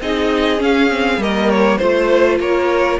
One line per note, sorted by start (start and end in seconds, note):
0.00 0.60 C4
0.00 0.57 D#4
0.00 1.22 G#4
0.00 0.62 D#5
0.57 0.87 C#4
0.57 1.17 C#4
0.57 1.22 F5
0.90 1.19 C4
1.17 1.77 G3
1.17 1.79 A#3
1.17 1.78 A#4
1.17 1.50 D#5
1.50 1.78 C#5
1.78 2.39 A3
1.78 2.99 F4
1.78 2.38 C5
2.39 2.99 A#3
2.39 2.99 A#4
2.39 2.99 C#5